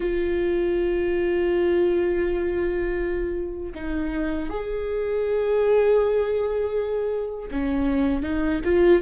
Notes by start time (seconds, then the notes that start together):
0.00 F4
3.74 D#4
4.49 G#4
7.51 C#4
8.23 D#4
8.64 F4